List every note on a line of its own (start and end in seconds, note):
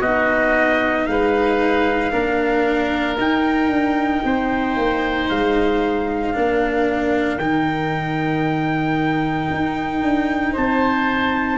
0.00 1.06 B3
0.00 2.11 D#4
0.00 1.05 F#4
0.00 1.06 D#5
1.06 2.12 G#3
1.06 2.12 B4
1.06 3.16 F5
2.11 3.17 A#3
2.11 3.16 D4
2.11 4.23 A#4
3.17 3.68 D#4
3.17 6.34 D#4
3.17 5.29 G5
3.68 4.20 D4
4.24 4.76 C4
4.24 6.34 C5
4.76 5.29 A#3
5.29 6.35 G#3
5.29 7.38 F5
6.34 7.38 A#3
6.34 7.39 D4
6.34 10.52 A#4
7.38 9.48 D#3
7.38 11.57 D#4
7.38 10.54 G5
9.50 10.02 D#4
10.02 10.54 D4
10.52 11.57 C4
10.52 11.57 C5
10.52 11.57 A5